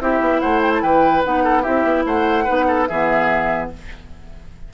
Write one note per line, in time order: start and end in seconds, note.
0.00 0.20 C4
0.00 1.23 E4
0.00 0.41 G4
0.00 0.40 E5
0.20 0.40 B3
0.40 0.82 A3
0.40 0.82 C5
0.40 0.61 F#5
0.62 0.72 G5
0.74 0.82 A5
0.82 1.23 E3
0.82 1.43 B4
0.82 1.23 G5
1.24 1.66 B3
1.24 1.63 D#4
1.24 1.63 F#5
1.43 1.62 A4
1.62 1.84 C4
1.62 2.45 E4
1.62 2.03 G4
1.62 2.04 E5
1.84 2.04 B3
2.05 2.46 A3
2.05 2.44 C5
2.05 2.86 F#5
2.44 2.89 B3
2.44 2.87 D#4
2.44 2.65 B4
2.67 2.88 A4
2.86 3.71 E3
2.86 3.73 B3
2.86 3.70 G#4
2.86 3.68 E5